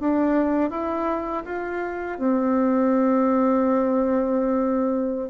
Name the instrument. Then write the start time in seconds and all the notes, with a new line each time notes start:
bassoon
0.00 D4
0.71 E4
1.45 F4
2.19 C4